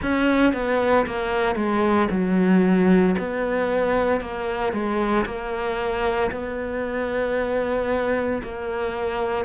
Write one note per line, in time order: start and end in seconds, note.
0.02 0.53 C#4
0.53 1.05 B3
1.06 1.55 A#3
1.55 2.08 G#3
2.10 3.15 F#3
3.18 4.21 B3
4.21 4.72 A#3
4.72 5.25 G#3
5.25 6.31 A#3
6.31 8.42 B3
8.42 9.44 A#3